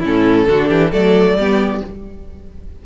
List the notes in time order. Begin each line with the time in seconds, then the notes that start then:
0.00 A2 C#4 E4 A4
0.47 D3 D4 F#4
0.68 E3 G4
0.92 F#3 A3 A4 D5
1.35 G3 B3 G4